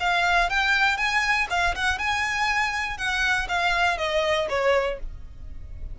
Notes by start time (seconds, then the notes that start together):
0.00 F5
0.50 G5
0.97 G#5
1.50 F5
1.75 F#5
1.98 G#5
2.98 F#5
3.48 F5
3.98 D#5
4.49 C#5